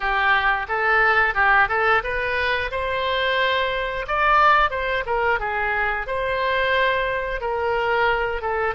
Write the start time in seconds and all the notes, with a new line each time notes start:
0.00 G4
0.68 A4
1.34 G4
1.68 A4
2.03 B4
2.71 C5
4.07 D5
4.70 C5
5.06 A#4
5.39 G#4
6.06 C5
7.40 A#4
8.41 A4